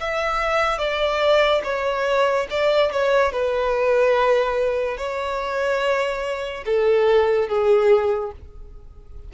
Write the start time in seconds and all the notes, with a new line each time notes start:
0.00 E5
0.78 D5
1.64 C#5
2.50 D5
2.91 C#5
3.32 B4
4.97 C#5
6.65 A4
7.48 G#4